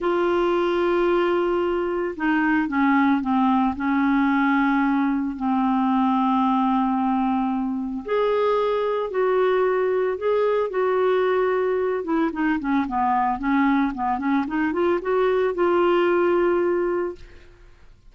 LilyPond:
\new Staff \with { instrumentName = "clarinet" } { \time 4/4 \tempo 4 = 112 f'1 | dis'4 cis'4 c'4 cis'4~ | cis'2 c'2~ | c'2. gis'4~ |
gis'4 fis'2 gis'4 | fis'2~ fis'8 e'8 dis'8 cis'8 | b4 cis'4 b8 cis'8 dis'8 f'8 | fis'4 f'2. | }